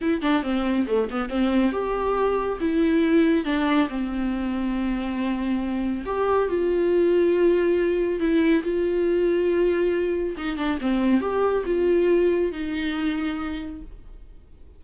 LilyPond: \new Staff \with { instrumentName = "viola" } { \time 4/4 \tempo 4 = 139 e'8 d'8 c'4 a8 b8 c'4 | g'2 e'2 | d'4 c'2.~ | c'2 g'4 f'4~ |
f'2. e'4 | f'1 | dis'8 d'8 c'4 g'4 f'4~ | f'4 dis'2. | }